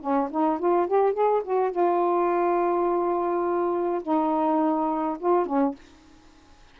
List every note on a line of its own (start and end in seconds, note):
0.00 0.29 C#4
0.30 0.59 D#4
0.59 0.87 F4
0.87 1.13 G4
1.13 1.42 G#4
1.44 1.71 F#4
1.71 4.02 F4
4.02 5.17 D#4
5.19 5.46 F4
5.46 5.75 C#4